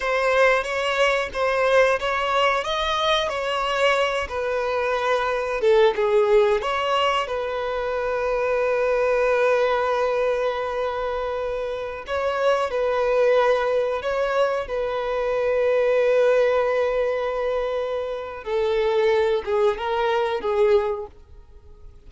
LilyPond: \new Staff \with { instrumentName = "violin" } { \time 4/4 \tempo 4 = 91 c''4 cis''4 c''4 cis''4 | dis''4 cis''4. b'4.~ | b'8 a'8 gis'4 cis''4 b'4~ | b'1~ |
b'2~ b'16 cis''4 b'8.~ | b'4~ b'16 cis''4 b'4.~ b'16~ | b'1 | a'4. gis'8 ais'4 gis'4 | }